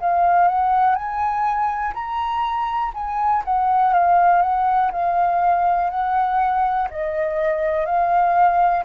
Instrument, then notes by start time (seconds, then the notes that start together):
flute
0.00 F5
0.48 F#5
0.95 G#5
1.94 A#5
2.94 G#5
3.45 F#5
3.93 F5
4.42 F#5
4.92 F5
5.90 F#5
6.91 D#5
7.86 F5